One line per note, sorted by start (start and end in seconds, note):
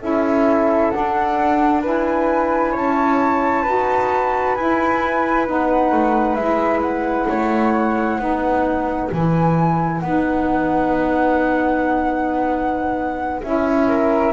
0.00 0.92 C#4
0.00 0.92 E4
0.00 1.82 A4
0.00 0.90 E5
0.90 1.83 D4
0.90 2.76 D4
0.90 1.81 F#5
1.82 3.65 E4
1.82 2.72 B4
1.82 2.76 G#5
2.72 3.66 C#4
2.72 3.63 C#5
2.72 4.55 A5
3.63 4.57 D#4
3.63 4.57 F#4
3.63 7.26 B4
4.55 5.48 E4
4.55 5.47 E4
4.55 5.46 G#5
5.47 5.91 B3
5.47 6.38 D#4
5.47 6.35 F#5
5.91 6.35 A3
6.35 7.26 G#3
6.35 8.20 E4
6.35 6.81 E5
6.82 9.09 F#5
7.29 8.19 A3
7.29 8.20 C#5
8.19 9.10 B3
8.19 9.10 D#4
8.19 13.88 B4
9.12 10.02 E3
9.12 10.03 E4
9.12 10.00 G#5
10.00 13.42 B3
10.00 13.43 D#4
10.00 13.41 F#5
13.43 14.33 C#4
13.43 14.33 E4
13.43 14.33 E5
13.88 14.33 A#4